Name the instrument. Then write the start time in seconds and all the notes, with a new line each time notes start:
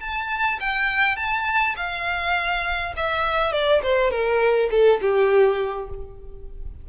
violin
0.00 A5
0.60 G5
1.16 A5
1.76 F5
2.96 E5
3.52 D5
3.82 C5
4.11 A#4
4.71 A4
5.01 G4